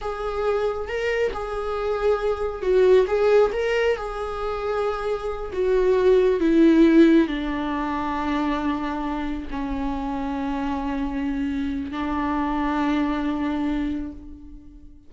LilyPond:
\new Staff \with { instrumentName = "viola" } { \time 4/4 \tempo 4 = 136 gis'2 ais'4 gis'4~ | gis'2 fis'4 gis'4 | ais'4 gis'2.~ | gis'8 fis'2 e'4.~ |
e'8 d'2.~ d'8~ | d'4. cis'2~ cis'8~ | cis'2. d'4~ | d'1 | }